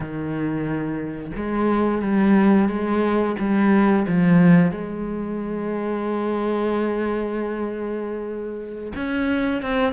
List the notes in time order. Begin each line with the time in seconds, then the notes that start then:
0.00 D#3
1.35 G#3
2.01 G3
2.68 G#3
3.39 G3
4.07 F3
4.71 G#3
8.95 C#4
9.62 C4